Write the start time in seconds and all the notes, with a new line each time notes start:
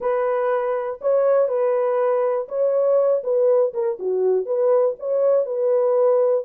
0.00 B4
1.01 C#5
1.48 B4
2.48 C#5
3.23 B4
3.73 A#4
3.99 F#4
4.45 B4
4.99 C#5
5.45 B4